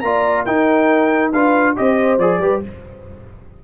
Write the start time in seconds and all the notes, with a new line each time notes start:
0.00 A#3 F4 D5 A#5
0.45 D#4 A#4 G5
1.31 D4 F4 B4 F5
1.76 C4 G4 C5 D#5
2.18 F3 G#4 D5
2.39 G3 G4 B4